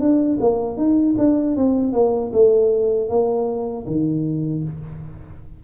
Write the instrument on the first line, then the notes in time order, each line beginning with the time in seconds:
tuba
0.00 D4
0.41 A#3
0.77 D#4
1.18 D4
1.56 C4
1.93 A#3
2.33 A3
3.09 A#3
3.87 D#3